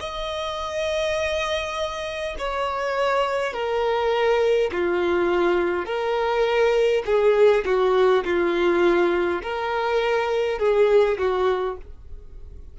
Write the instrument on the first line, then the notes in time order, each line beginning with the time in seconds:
violin
0.00 D#5
2.39 C#5
3.53 A#4
4.72 F4
5.86 A#4
7.05 G#4
7.65 F#4
8.24 F4
9.42 A#4
10.59 G#4
11.18 F#4